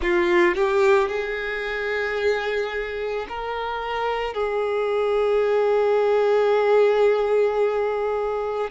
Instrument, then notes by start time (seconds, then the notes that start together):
violin
0.01 F4
0.55 G4
1.08 G#4
3.28 A#4
4.33 G#4